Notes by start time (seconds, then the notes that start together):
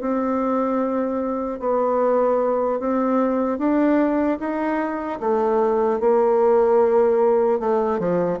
0.00 C4
1.59 B3
2.79 C4
3.58 D4
4.39 D#4
5.20 A3
6.00 A#3
7.59 A3
7.99 F3